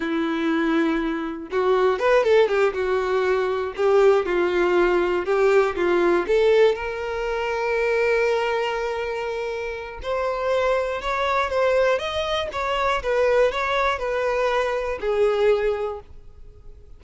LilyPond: \new Staff \with { instrumentName = "violin" } { \time 4/4 \tempo 4 = 120 e'2. fis'4 | b'8 a'8 g'8 fis'2 g'8~ | g'8 f'2 g'4 f'8~ | f'8 a'4 ais'2~ ais'8~ |
ais'1 | c''2 cis''4 c''4 | dis''4 cis''4 b'4 cis''4 | b'2 gis'2 | }